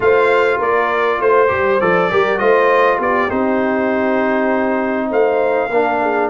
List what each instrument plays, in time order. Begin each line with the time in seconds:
0.00 tuba A3, trombone F4, horn C5, trumpet F5
0.57 tuba A#3, horn A#4, trumpet D5
1.20 tuba A3, horn C5, trumpet C5
1.48 tuba G3, trombone G4
1.80 tuba F3, trombone A4, trumpet D5
2.10 tuba G3, trombone G4, horn A#4
2.38 tuba A3, trombone F4, horn C5, trumpet D#5
2.97 tuba B3, horn G4, trumpet D5
3.29 tuba C4, trombone D#4, trumpet C5
5.09 tuba A3, horn C5, trumpet F5
5.70 tuba A#3, trombone D4, horn A#4
6.02 horn G#4